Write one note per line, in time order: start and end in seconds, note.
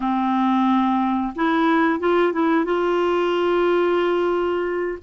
0.00 1.33 C4
1.35 1.99 E4
1.99 2.32 F4
2.32 2.65 E4
2.65 4.98 F4